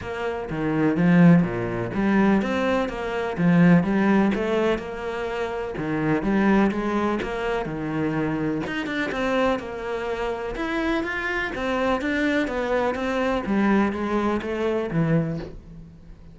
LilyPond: \new Staff \with { instrumentName = "cello" } { \time 4/4 \tempo 4 = 125 ais4 dis4 f4 ais,4 | g4 c'4 ais4 f4 | g4 a4 ais2 | dis4 g4 gis4 ais4 |
dis2 dis'8 d'8 c'4 | ais2 e'4 f'4 | c'4 d'4 b4 c'4 | g4 gis4 a4 e4 | }